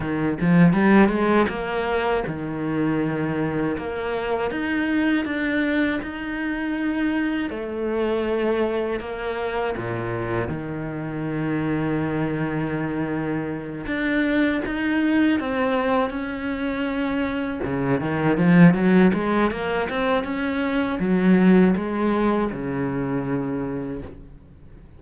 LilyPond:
\new Staff \with { instrumentName = "cello" } { \time 4/4 \tempo 4 = 80 dis8 f8 g8 gis8 ais4 dis4~ | dis4 ais4 dis'4 d'4 | dis'2 a2 | ais4 ais,4 dis2~ |
dis2~ dis8 d'4 dis'8~ | dis'8 c'4 cis'2 cis8 | dis8 f8 fis8 gis8 ais8 c'8 cis'4 | fis4 gis4 cis2 | }